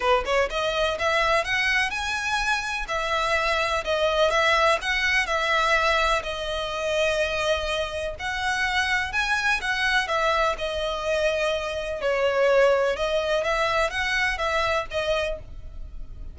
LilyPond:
\new Staff \with { instrumentName = "violin" } { \time 4/4 \tempo 4 = 125 b'8 cis''8 dis''4 e''4 fis''4 | gis''2 e''2 | dis''4 e''4 fis''4 e''4~ | e''4 dis''2.~ |
dis''4 fis''2 gis''4 | fis''4 e''4 dis''2~ | dis''4 cis''2 dis''4 | e''4 fis''4 e''4 dis''4 | }